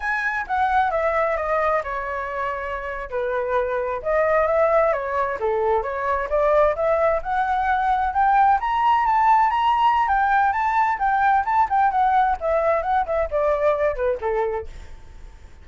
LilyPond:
\new Staff \with { instrumentName = "flute" } { \time 4/4 \tempo 4 = 131 gis''4 fis''4 e''4 dis''4 | cis''2~ cis''8. b'4~ b'16~ | b'8. dis''4 e''4 cis''4 a'16~ | a'8. cis''4 d''4 e''4 fis''16~ |
fis''4.~ fis''16 g''4 ais''4 a''16~ | a''8. ais''4~ ais''16 g''4 a''4 | g''4 a''8 g''8 fis''4 e''4 | fis''8 e''8 d''4. b'8 a'4 | }